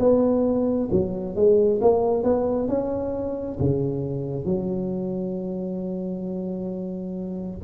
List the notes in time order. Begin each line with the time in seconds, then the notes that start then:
0.00 B3
0.92 F#3
1.36 G#3
1.82 A#3
2.24 B3
2.69 C#4
3.60 C#3
4.45 F#3